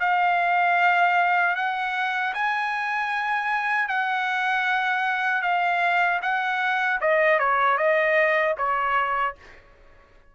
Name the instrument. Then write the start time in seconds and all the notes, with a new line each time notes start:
trumpet
0.00 F5
1.55 F#5
2.34 G#5
3.89 F#5
5.42 F5
6.22 F#5
7.01 D#5
7.39 C#5
7.77 D#5
8.57 C#5